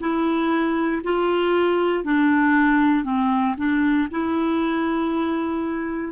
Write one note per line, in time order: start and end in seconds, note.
0.00 1.02 E4
1.04 2.04 F4
2.04 3.04 D4
3.04 3.55 C4
3.57 4.08 D4
4.10 6.12 E4